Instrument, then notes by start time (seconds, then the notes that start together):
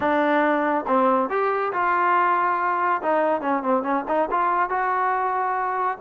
trombone
0.00 D4
0.87 C4
1.29 G4
1.73 F4
3.01 D#4
3.41 C#4
3.63 C4
3.83 C#4
4.08 D#4
4.31 F4
4.69 F#4